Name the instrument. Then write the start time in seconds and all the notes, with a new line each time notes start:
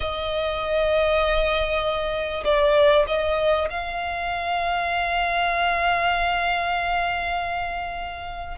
violin
0.00 D#5
2.44 D5
3.07 D#5
3.70 F5